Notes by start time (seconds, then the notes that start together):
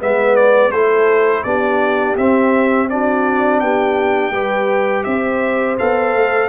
0.00 G#3 B3 B4 E5
0.36 D5
0.71 A3 E4 A4 C5
1.43 B3 D4 G4 D5
2.17 C4 E5
2.89 D4 F#4 D5
3.59 B3 G4 G5
4.31 G3 G4 B4
5.03 C4 C5 E5
5.78 B3 A4 F5
6.15 A3